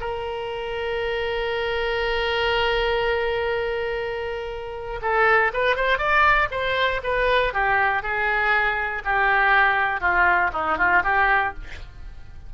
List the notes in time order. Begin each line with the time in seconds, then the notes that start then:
0.00 A#4
5.02 A4
5.53 B4
5.76 C5
5.98 D5
6.51 C5
7.03 B4
7.53 G4
8.03 G#4
9.05 G4
10.01 F4
10.53 D#4
10.78 F4
11.04 G4